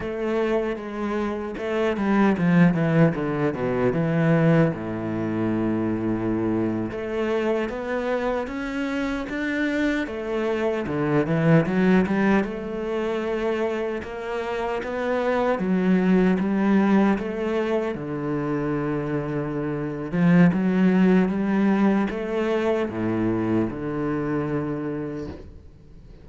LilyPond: \new Staff \with { instrumentName = "cello" } { \time 4/4 \tempo 4 = 76 a4 gis4 a8 g8 f8 e8 | d8 b,8 e4 a,2~ | a,8. a4 b4 cis'4 d'16~ | d'8. a4 d8 e8 fis8 g8 a16~ |
a4.~ a16 ais4 b4 fis16~ | fis8. g4 a4 d4~ d16~ | d4. f8 fis4 g4 | a4 a,4 d2 | }